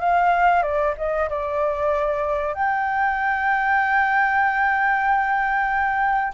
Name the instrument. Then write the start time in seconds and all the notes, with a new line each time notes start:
flute
0.00 F5
0.63 D5
0.98 D#5
1.30 D5
2.54 G5